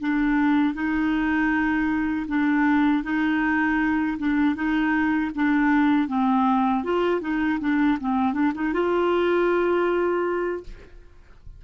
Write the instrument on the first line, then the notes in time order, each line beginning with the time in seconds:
clarinet
0.00 D4
0.74 D#4
2.28 D4
3.03 D#4
4.18 D4
4.55 D#4
5.35 D4
6.08 C4
6.84 F4
7.21 D#4
7.60 D4
8.00 C4
8.33 D4
8.54 D#4
8.73 F4